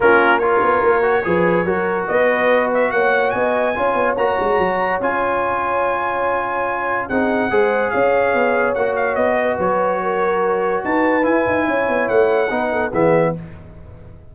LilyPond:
<<
  \new Staff \with { instrumentName = "trumpet" } { \time 4/4 \tempo 4 = 144 ais'4 cis''2.~ | cis''4 dis''4. e''8 fis''4 | gis''2 ais''2 | gis''1~ |
gis''4 fis''2 f''4~ | f''4 fis''8 f''8 dis''4 cis''4~ | cis''2 a''4 gis''4~ | gis''4 fis''2 e''4 | }
  \new Staff \with { instrumentName = "horn" } { \time 4/4 f'4 ais'2 b'4 | ais'4 b'2 cis''4 | dis''4 cis''2.~ | cis''1~ |
cis''4 gis'4 c''4 cis''4~ | cis''2~ cis''8 b'4. | ais'2 b'2 | cis''2 b'8 a'8 gis'4 | }
  \new Staff \with { instrumentName = "trombone" } { \time 4/4 cis'4 f'4. fis'8 gis'4 | fis'1~ | fis'4 f'4 fis'2 | f'1~ |
f'4 dis'4 gis'2~ | gis'4 fis'2.~ | fis'2. e'4~ | e'2 dis'4 b4 | }
  \new Staff \with { instrumentName = "tuba" } { \time 4/4 ais4. b8 ais4 f4 | fis4 b2 ais4 | b4 cis'8 b8 ais8 gis8 fis4 | cis'1~ |
cis'4 c'4 gis4 cis'4 | b4 ais4 b4 fis4~ | fis2 dis'4 e'8 dis'8 | cis'8 b8 a4 b4 e4 | }
>>